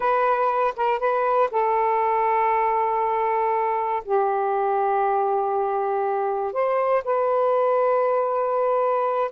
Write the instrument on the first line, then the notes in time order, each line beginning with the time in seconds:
saxophone
0.00 B4
0.76 A#4
0.99 B4
1.51 A4
4.05 G4
6.52 C5
7.04 B4